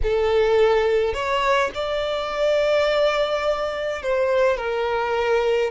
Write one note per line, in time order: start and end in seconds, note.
0.02 1.13 A4
1.13 1.70 C#5
1.74 4.02 D5
4.02 4.57 C5
4.57 5.71 A#4